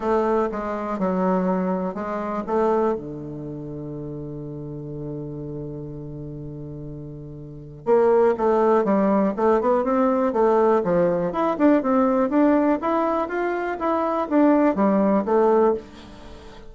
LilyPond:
\new Staff \with { instrumentName = "bassoon" } { \time 4/4 \tempo 4 = 122 a4 gis4 fis2 | gis4 a4 d2~ | d1~ | d1 |
ais4 a4 g4 a8 b8 | c'4 a4 f4 e'8 d'8 | c'4 d'4 e'4 f'4 | e'4 d'4 g4 a4 | }